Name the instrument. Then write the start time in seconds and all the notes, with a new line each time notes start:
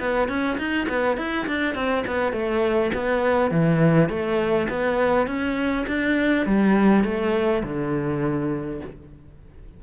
cello
0.00 B3
0.29 C#4
0.58 D#4
0.89 B3
1.18 E4
1.48 D4
1.75 C4
2.07 B3
2.33 A3
2.95 B3
3.51 E3
4.10 A3
4.70 B3
5.27 C#4
5.88 D4
6.47 G3
7.05 A3
7.64 D3